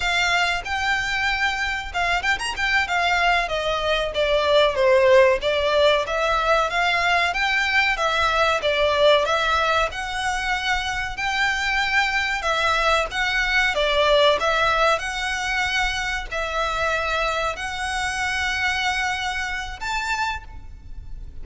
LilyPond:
\new Staff \with { instrumentName = "violin" } { \time 4/4 \tempo 4 = 94 f''4 g''2 f''8 g''16 ais''16 | g''8 f''4 dis''4 d''4 c''8~ | c''8 d''4 e''4 f''4 g''8~ | g''8 e''4 d''4 e''4 fis''8~ |
fis''4. g''2 e''8~ | e''8 fis''4 d''4 e''4 fis''8~ | fis''4. e''2 fis''8~ | fis''2. a''4 | }